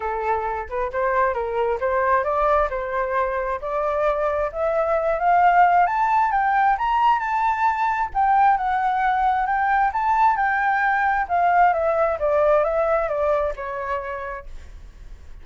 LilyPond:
\new Staff \with { instrumentName = "flute" } { \time 4/4 \tempo 4 = 133 a'4. b'8 c''4 ais'4 | c''4 d''4 c''2 | d''2 e''4. f''8~ | f''4 a''4 g''4 ais''4 |
a''2 g''4 fis''4~ | fis''4 g''4 a''4 g''4~ | g''4 f''4 e''4 d''4 | e''4 d''4 cis''2 | }